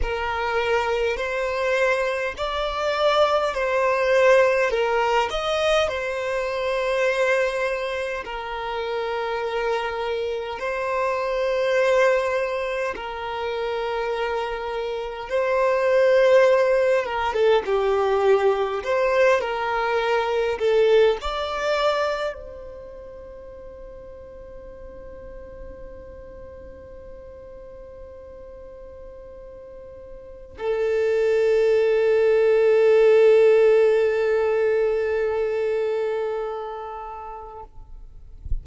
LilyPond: \new Staff \with { instrumentName = "violin" } { \time 4/4 \tempo 4 = 51 ais'4 c''4 d''4 c''4 | ais'8 dis''8 c''2 ais'4~ | ais'4 c''2 ais'4~ | ais'4 c''4. ais'16 a'16 g'4 |
c''8 ais'4 a'8 d''4 c''4~ | c''1~ | c''2 a'2~ | a'1 | }